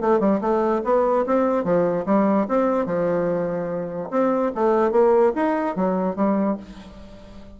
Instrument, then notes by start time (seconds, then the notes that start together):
bassoon
0.00 A3
0.19 G3
0.41 A3
0.84 B3
1.26 C4
1.64 F3
2.05 G3
2.48 C4
2.86 F3
4.10 C4
4.55 A3
4.91 A#3
5.35 D#4
5.76 F#3
6.16 G3